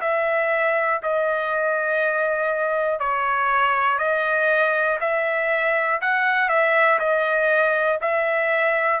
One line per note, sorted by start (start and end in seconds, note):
0.00 1.00 E5
1.02 2.99 D#5
2.99 3.98 C#5
3.98 4.98 D#5
5.00 6.00 E5
6.01 6.49 F#5
6.49 6.99 E5
6.99 7.99 D#5
8.01 9.00 E5